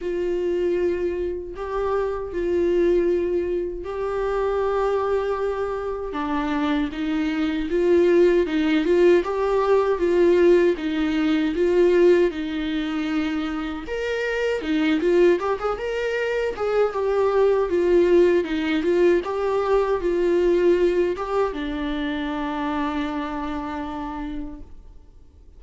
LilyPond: \new Staff \with { instrumentName = "viola" } { \time 4/4 \tempo 4 = 78 f'2 g'4 f'4~ | f'4 g'2. | d'4 dis'4 f'4 dis'8 f'8 | g'4 f'4 dis'4 f'4 |
dis'2 ais'4 dis'8 f'8 | g'16 gis'16 ais'4 gis'8 g'4 f'4 | dis'8 f'8 g'4 f'4. g'8 | d'1 | }